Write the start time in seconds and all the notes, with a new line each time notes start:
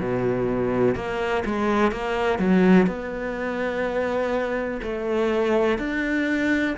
0.00 B2
0.95 A#3
1.46 G#3
1.92 A#3
2.39 F#3
2.87 B3
4.83 A3
5.79 D4